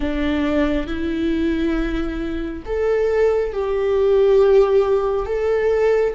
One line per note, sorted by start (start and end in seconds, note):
0.00 0.86 D4
0.86 2.63 E4
2.65 3.52 A4
3.52 5.26 G4
5.26 6.14 A4